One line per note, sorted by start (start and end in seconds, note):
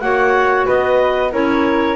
0.00 0.66 A#3
0.00 1.31 F#4
0.00 0.66 C#5
0.00 0.65 F#5
0.66 1.33 B3
0.66 1.31 B4
0.66 1.33 D#5
1.31 1.96 C#4
1.31 1.96 E4
1.31 1.96 A#4
1.31 1.96 C#5